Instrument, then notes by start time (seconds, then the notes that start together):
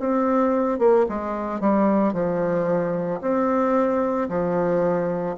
bassoon
0.00 C4
0.79 A#3
1.10 G#3
1.61 G3
2.14 F3
3.21 C4
4.29 F3